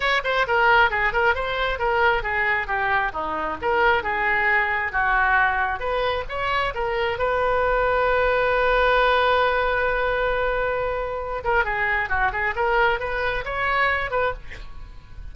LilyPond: \new Staff \with { instrumentName = "oboe" } { \time 4/4 \tempo 4 = 134 cis''8 c''8 ais'4 gis'8 ais'8 c''4 | ais'4 gis'4 g'4 dis'4 | ais'4 gis'2 fis'4~ | fis'4 b'4 cis''4 ais'4 |
b'1~ | b'1~ | b'4. ais'8 gis'4 fis'8 gis'8 | ais'4 b'4 cis''4. b'8 | }